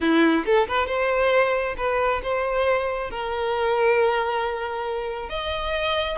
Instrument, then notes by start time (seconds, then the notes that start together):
violin
0.00 E4
0.45 A4
0.68 B4
0.87 C5
1.77 B4
2.22 C5
3.10 A#4
5.29 D#5